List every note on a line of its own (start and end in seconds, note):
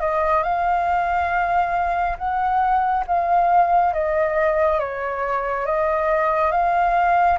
0.00 0.43 D#5
0.43 2.17 F5
2.17 3.04 F#5
3.07 3.93 F5
3.93 4.79 D#5
4.79 5.66 C#5
5.66 6.51 D#5
6.51 7.38 F5